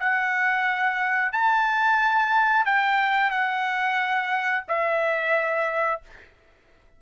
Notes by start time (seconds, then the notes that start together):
0.00 F#5
1.32 A5
2.65 G5
3.31 F#5
4.68 E5